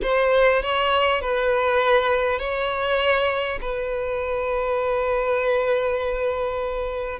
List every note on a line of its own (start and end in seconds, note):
0.02 0.62 C5
0.62 1.21 C#5
1.21 2.39 B4
2.39 3.59 C#5
3.61 7.19 B4